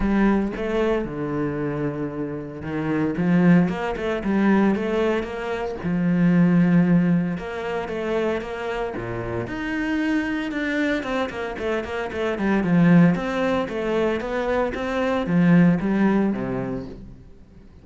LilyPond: \new Staff \with { instrumentName = "cello" } { \time 4/4 \tempo 4 = 114 g4 a4 d2~ | d4 dis4 f4 ais8 a8 | g4 a4 ais4 f4~ | f2 ais4 a4 |
ais4 ais,4 dis'2 | d'4 c'8 ais8 a8 ais8 a8 g8 | f4 c'4 a4 b4 | c'4 f4 g4 c4 | }